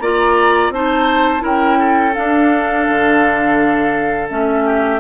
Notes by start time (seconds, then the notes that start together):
0.00 A#3 F4 D5 A#5
0.70 C4 D#4 C5 A5
1.40 C#4 E4 A#4 G5
1.79 A4
2.15 D4 F5
2.89 D3
4.30 A3 C#4 E5
4.65 G4